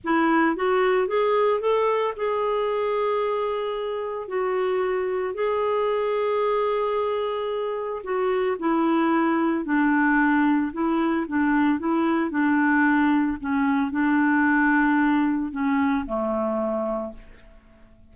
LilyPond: \new Staff \with { instrumentName = "clarinet" } { \time 4/4 \tempo 4 = 112 e'4 fis'4 gis'4 a'4 | gis'1 | fis'2 gis'2~ | gis'2. fis'4 |
e'2 d'2 | e'4 d'4 e'4 d'4~ | d'4 cis'4 d'2~ | d'4 cis'4 a2 | }